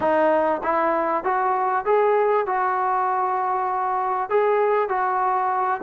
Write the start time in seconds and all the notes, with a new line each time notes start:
0.00 D#4
0.63 E4
1.24 F#4
1.85 G#4
2.46 F#4
4.29 G#4
4.88 F#4